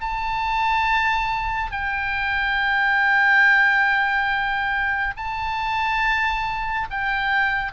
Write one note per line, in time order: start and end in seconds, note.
0.00 1.71 A5
1.71 5.14 G5
5.16 6.88 A5
6.90 7.72 G5